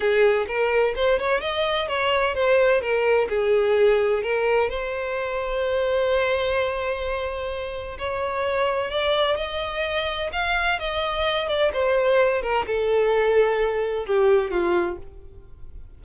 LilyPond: \new Staff \with { instrumentName = "violin" } { \time 4/4 \tempo 4 = 128 gis'4 ais'4 c''8 cis''8 dis''4 | cis''4 c''4 ais'4 gis'4~ | gis'4 ais'4 c''2~ | c''1~ |
c''4 cis''2 d''4 | dis''2 f''4 dis''4~ | dis''8 d''8 c''4. ais'8 a'4~ | a'2 g'4 f'4 | }